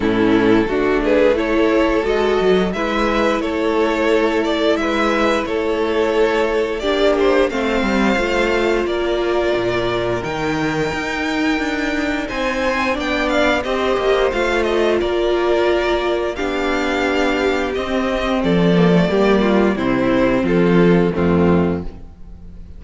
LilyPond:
<<
  \new Staff \with { instrumentName = "violin" } { \time 4/4 \tempo 4 = 88 a'4. b'8 cis''4 dis''4 | e''4 cis''4. d''8 e''4 | cis''2 d''8 c''8 f''4~ | f''4 d''2 g''4~ |
g''2 gis''4 g''8 f''8 | dis''4 f''8 dis''8 d''2 | f''2 dis''4 d''4~ | d''4 c''4 a'4 f'4 | }
  \new Staff \with { instrumentName = "violin" } { \time 4/4 e'4 fis'8 gis'8 a'2 | b'4 a'2 b'4 | a'2 g'4 c''4~ | c''4 ais'2.~ |
ais'2 c''4 d''4 | c''2 ais'2 | g'2. a'4 | g'8 f'8 e'4 f'4 c'4 | }
  \new Staff \with { instrumentName = "viola" } { \time 4/4 cis'4 d'4 e'4 fis'4 | e'1~ | e'2 d'4 c'4 | f'2. dis'4~ |
dis'2. d'4 | g'4 f'2. | d'2 c'4. ais16 a16 | ais4 c'2 a4 | }
  \new Staff \with { instrumentName = "cello" } { \time 4/4 a,4 a2 gis8 fis8 | gis4 a2 gis4 | a2 ais4 a8 g8 | a4 ais4 ais,4 dis4 |
dis'4 d'4 c'4 b4 | c'8 ais8 a4 ais2 | b2 c'4 f4 | g4 c4 f4 f,4 | }
>>